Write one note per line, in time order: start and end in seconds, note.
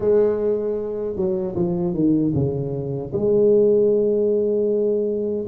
0.00 1.15 G#3
1.15 1.54 F#3
1.55 1.94 F3
1.94 2.33 D#3
2.34 3.12 C#3
3.12 5.46 G#3